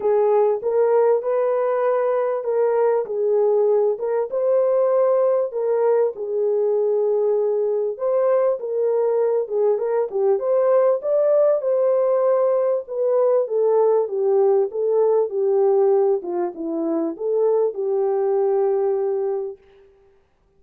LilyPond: \new Staff \with { instrumentName = "horn" } { \time 4/4 \tempo 4 = 98 gis'4 ais'4 b'2 | ais'4 gis'4. ais'8 c''4~ | c''4 ais'4 gis'2~ | gis'4 c''4 ais'4. gis'8 |
ais'8 g'8 c''4 d''4 c''4~ | c''4 b'4 a'4 g'4 | a'4 g'4. f'8 e'4 | a'4 g'2. | }